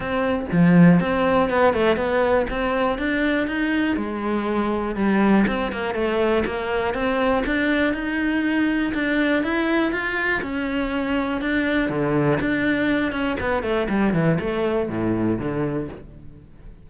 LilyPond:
\new Staff \with { instrumentName = "cello" } { \time 4/4 \tempo 4 = 121 c'4 f4 c'4 b8 a8 | b4 c'4 d'4 dis'4 | gis2 g4 c'8 ais8 | a4 ais4 c'4 d'4 |
dis'2 d'4 e'4 | f'4 cis'2 d'4 | d4 d'4. cis'8 b8 a8 | g8 e8 a4 a,4 d4 | }